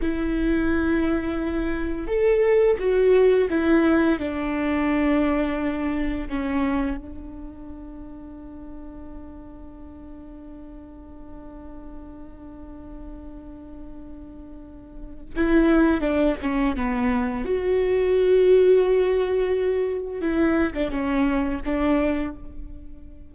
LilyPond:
\new Staff \with { instrumentName = "viola" } { \time 4/4 \tempo 4 = 86 e'2. a'4 | fis'4 e'4 d'2~ | d'4 cis'4 d'2~ | d'1~ |
d'1~ | d'2 e'4 d'8 cis'8 | b4 fis'2.~ | fis'4 e'8. d'16 cis'4 d'4 | }